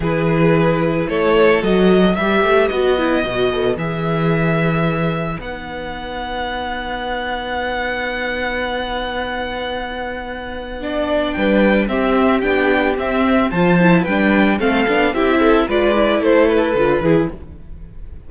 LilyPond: <<
  \new Staff \with { instrumentName = "violin" } { \time 4/4 \tempo 4 = 111 b'2 cis''4 dis''4 | e''4 dis''2 e''4~ | e''2 fis''2~ | fis''1~ |
fis''1~ | fis''4 g''4 e''4 g''4 | e''4 a''4 g''4 f''4 | e''4 d''4 c''8 b'4. | }
  \new Staff \with { instrumentName = "violin" } { \time 4/4 gis'2 a'2 | b'1~ | b'1~ | b'1~ |
b'1 | d''4 b'4 g'2~ | g'4 c''4 b'4 a'4 | g'8 a'8 b'4 a'4. gis'8 | }
  \new Staff \with { instrumentName = "viola" } { \time 4/4 e'2. fis'4 | g'4 fis'8 e'8 fis'8 a'8 gis'4~ | gis'2 dis'2~ | dis'1~ |
dis'1 | d'2 c'4 d'4 | c'4 f'8 e'8 d'4 c'8 d'8 | e'4 f'8 e'4. f'8 e'8 | }
  \new Staff \with { instrumentName = "cello" } { \time 4/4 e2 a4 fis4 | g8 a8 b4 b,4 e4~ | e2 b2~ | b1~ |
b1~ | b4 g4 c'4 b4 | c'4 f4 g4 a8 b8 | c'4 gis4 a4 d8 e8 | }
>>